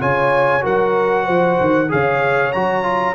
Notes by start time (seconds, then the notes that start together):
0.00 C#3 F4 C#5 G#5
0.61 F#3 F#4 A#4 F#5
1.24 F3 C5
1.60 D#3
1.89 C#3 G#4 C#5 F5
2.52 F#3 F#4 A#5
2.83 F4